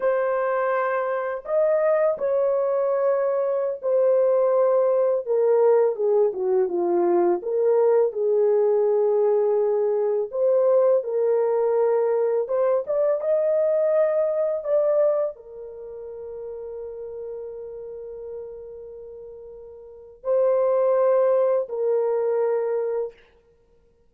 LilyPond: \new Staff \with { instrumentName = "horn" } { \time 4/4 \tempo 4 = 83 c''2 dis''4 cis''4~ | cis''4~ cis''16 c''2 ais'8.~ | ais'16 gis'8 fis'8 f'4 ais'4 gis'8.~ | gis'2~ gis'16 c''4 ais'8.~ |
ais'4~ ais'16 c''8 d''8 dis''4.~ dis''16~ | dis''16 d''4 ais'2~ ais'8.~ | ais'1 | c''2 ais'2 | }